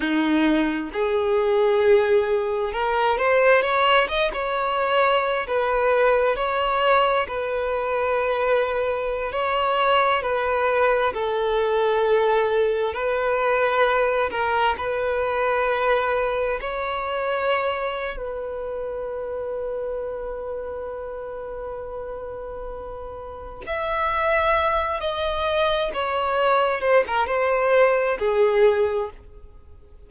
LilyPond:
\new Staff \with { instrumentName = "violin" } { \time 4/4 \tempo 4 = 66 dis'4 gis'2 ais'8 c''8 | cis''8 dis''16 cis''4~ cis''16 b'4 cis''4 | b'2~ b'16 cis''4 b'8.~ | b'16 a'2 b'4. ais'16~ |
ais'16 b'2 cis''4.~ cis''16 | b'1~ | b'2 e''4. dis''8~ | dis''8 cis''4 c''16 ais'16 c''4 gis'4 | }